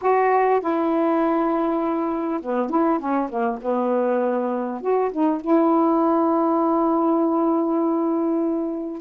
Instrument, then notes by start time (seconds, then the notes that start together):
saxophone
0.01 F#4
0.60 E4
2.41 B3
2.69 E4
2.99 C#4
3.29 A#3
3.61 B3
4.81 F#4
5.11 D#4
5.41 E4